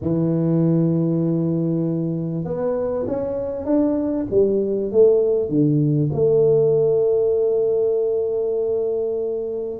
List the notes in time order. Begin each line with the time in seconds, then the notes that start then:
0.01 E3
2.44 B3
3.07 C#4
3.65 D4
4.30 G3
4.91 A3
5.48 D3
6.12 A3